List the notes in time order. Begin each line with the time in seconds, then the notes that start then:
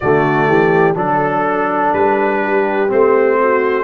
0.00 D3 A3 F#4 D5
0.48 E3 G4
0.94 F#3 D4 A4
1.93 G3 B4
2.43 G4
2.88 A3 C4 C5
3.40 F#4